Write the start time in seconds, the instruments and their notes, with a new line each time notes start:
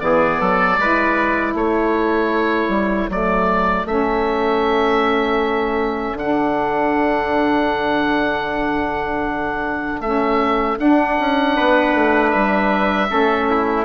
0.00 bassoon E3, saxophone B3, trumpet G#4, oboe D5
0.40 bassoon F#3, trumpet A4
0.78 bassoon G#3, saxophone E4, trumpet B4
1.54 bassoon A3, trumpet A4, oboe C#5
2.68 bassoon G3
3.09 bassoon F#3, saxophone A3, oboe D5
3.85 bassoon A3, saxophone C#4, oboe E5
6.14 bassoon D3, oboe F#5
6.20 saxophone D4
10.00 bassoon A3, saxophone C#4, oboe E5
10.77 saxophone D4, bassoon D4, oboe F#5
11.19 bassoon C#4
11.56 bassoon B3, trumpet B4
11.95 bassoon A3
12.30 bassoon G3, oboe E5
13.08 bassoon A3, saxophone C#4, trumpet A4
13.50 trumpet E4